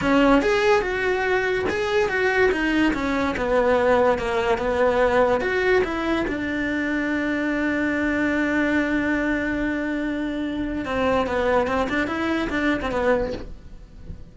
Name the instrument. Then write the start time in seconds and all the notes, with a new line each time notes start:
cello
0.01 C#4
0.42 G#4
0.81 F#4
1.69 G#4
2.08 F#4
2.51 D#4
2.93 C#4
3.36 B3
4.18 A#3
4.58 B3
5.40 F#4
5.84 E4
6.27 D4
10.85 C4
11.26 B3
11.67 C4
11.89 D4
12.07 E4
12.49 D4
12.81 C4
12.91 B3